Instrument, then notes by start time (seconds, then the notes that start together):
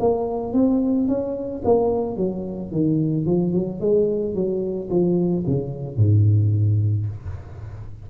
tuba
0.00 A#3
0.54 C4
1.08 C#4
1.65 A#3
2.17 F#3
2.72 D#3
3.26 F3
3.54 F#3
3.81 G#3
4.35 F#3
4.90 F3
5.47 C#3
5.97 G#2